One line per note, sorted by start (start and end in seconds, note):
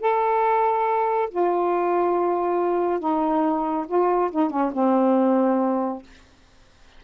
0.00 1.29 A4
1.30 3.00 F4
3.00 3.86 D#4
3.88 4.31 F4
4.31 4.50 D#4
4.50 4.72 C#4
4.73 6.03 C4